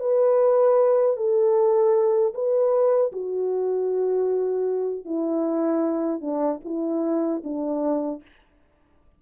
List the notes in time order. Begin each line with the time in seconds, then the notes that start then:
0.00 B4
1.17 A4
2.34 B4
3.13 F#4
5.05 E4
6.21 D4
6.65 E4
7.44 D4